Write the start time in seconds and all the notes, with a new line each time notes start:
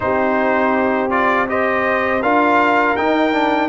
0.00 C4 D#4 G4 C5
1.10 F4 D5
1.47 G4 C5 D#5
2.21 D4 F4 A#4 F5
2.96 D#4 G5
3.32 D4